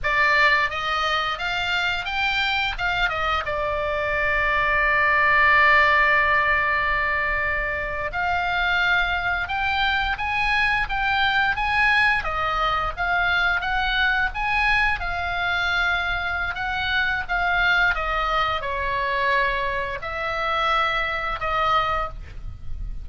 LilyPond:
\new Staff \with { instrumentName = "oboe" } { \time 4/4 \tempo 4 = 87 d''4 dis''4 f''4 g''4 | f''8 dis''8 d''2.~ | d''2.~ d''8. f''16~ | f''4.~ f''16 g''4 gis''4 g''16~ |
g''8. gis''4 dis''4 f''4 fis''16~ | fis''8. gis''4 f''2~ f''16 | fis''4 f''4 dis''4 cis''4~ | cis''4 e''2 dis''4 | }